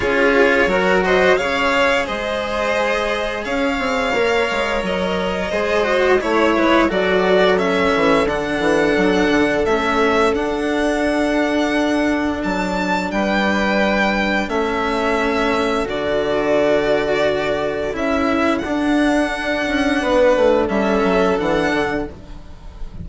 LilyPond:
<<
  \new Staff \with { instrumentName = "violin" } { \time 4/4 \tempo 4 = 87 cis''4. dis''8 f''4 dis''4~ | dis''4 f''2 dis''4~ | dis''4 cis''4 d''4 e''4 | fis''2 e''4 fis''4~ |
fis''2 a''4 g''4~ | g''4 e''2 d''4~ | d''2 e''4 fis''4~ | fis''2 e''4 fis''4 | }
  \new Staff \with { instrumentName = "violin" } { \time 4/4 gis'4 ais'8 c''8 cis''4 c''4~ | c''4 cis''2. | c''4 cis''8 b'8 a'2~ | a'1~ |
a'2. b'4~ | b'4 a'2.~ | a'1~ | a'4 b'4 a'2 | }
  \new Staff \with { instrumentName = "cello" } { \time 4/4 f'4 fis'4 gis'2~ | gis'2 ais'2 | gis'8 fis'8 e'4 fis'4 cis'4 | d'2 cis'4 d'4~ |
d'1~ | d'4 cis'2 fis'4~ | fis'2 e'4 d'4~ | d'2 cis'4 d'4 | }
  \new Staff \with { instrumentName = "bassoon" } { \time 4/4 cis'4 fis4 cis4 gis4~ | gis4 cis'8 c'8 ais8 gis8 fis4 | gis4 a8 gis8 fis4. e8 | d8 e8 fis8 d8 a4 d'4~ |
d'2 fis4 g4~ | g4 a2 d4~ | d2 cis'4 d'4~ | d'8 cis'8 b8 a8 g8 fis8 e8 d8 | }
>>